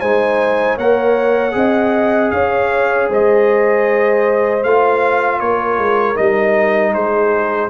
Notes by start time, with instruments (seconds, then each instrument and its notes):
0.00 tuba G#3, trombone D#4, horn C5, trumpet G#5
0.76 tuba A#3, trombone A#4, horn C#5, trumpet F#5
1.51 tuba C4, trombone G#4, horn D#5
2.31 tuba C#4, horn C#5, trumpet F5
3.10 tuba G#3, horn C5, trumpet D#5
4.63 tuba A3, trombone F4, trumpet F5
5.40 tuba A#3, horn A#4, trumpet C#5
5.78 tuba G#3
6.15 tuba G3, trombone D#4, trumpet D#5
6.93 tuba G#3, horn G#4, trumpet C5